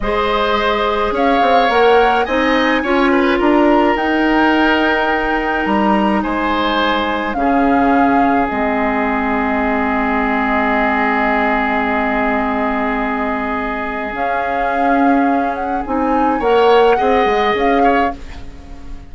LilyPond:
<<
  \new Staff \with { instrumentName = "flute" } { \time 4/4 \tempo 4 = 106 dis''2 f''4 fis''4 | gis''2 ais''4 g''4~ | g''2 ais''4 gis''4~ | gis''4 f''2 dis''4~ |
dis''1~ | dis''1~ | dis''4 f''2~ f''8 fis''8 | gis''4 fis''2 f''4 | }
  \new Staff \with { instrumentName = "oboe" } { \time 4/4 c''2 cis''2 | dis''4 cis''8 b'8 ais'2~ | ais'2. c''4~ | c''4 gis'2.~ |
gis'1~ | gis'1~ | gis'1~ | gis'4 cis''4 dis''4. cis''8 | }
  \new Staff \with { instrumentName = "clarinet" } { \time 4/4 gis'2. ais'4 | dis'4 f'2 dis'4~ | dis'1~ | dis'4 cis'2 c'4~ |
c'1~ | c'1~ | c'4 cis'2. | dis'4 ais'4 gis'2 | }
  \new Staff \with { instrumentName = "bassoon" } { \time 4/4 gis2 cis'8 c'8 ais4 | c'4 cis'4 d'4 dis'4~ | dis'2 g4 gis4~ | gis4 cis2 gis4~ |
gis1~ | gis1~ | gis4 cis'2. | c'4 ais4 c'8 gis8 cis'4 | }
>>